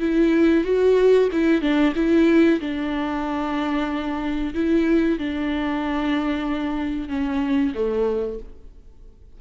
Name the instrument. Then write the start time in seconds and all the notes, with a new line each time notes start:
viola
0.00 E4
0.64 F#4
1.32 E4
1.61 D4
1.95 E4
2.60 D4
4.54 E4
5.19 D4
7.09 C#4
7.74 A3